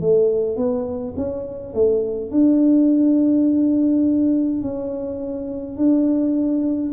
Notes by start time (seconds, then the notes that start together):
0.00 A3
0.56 B3
1.16 C#4
1.73 A3
2.31 D4
4.61 C#4
5.76 D4